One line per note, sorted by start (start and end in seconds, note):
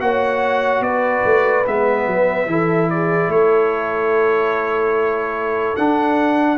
0.00 0.81 A#3
0.00 1.64 F#4
0.00 0.84 C#5
0.00 0.83 F#5
0.81 1.22 B3
0.81 2.49 B4
0.81 1.65 D5
1.24 1.66 A3
1.65 2.07 G#3
1.65 2.48 B3
1.65 2.90 E5
2.07 2.46 F#3
2.46 3.28 E3
2.46 5.77 E4
2.46 2.92 A4
2.90 3.32 G#4
2.90 3.31 D5
3.28 5.75 A3
3.28 6.58 A4
3.28 5.76 C#5
5.76 6.58 D4
5.76 6.58 F#5